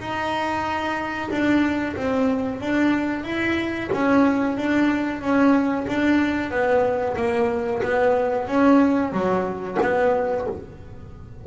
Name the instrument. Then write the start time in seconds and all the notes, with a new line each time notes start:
double bass
0.00 D#4
1.31 D4
1.96 C4
2.61 D4
3.24 E4
3.93 C#4
4.58 D4
5.21 C#4
5.88 D4
6.51 B3
7.17 A#3
7.83 B3
8.48 C#4
9.13 F#3
9.82 B3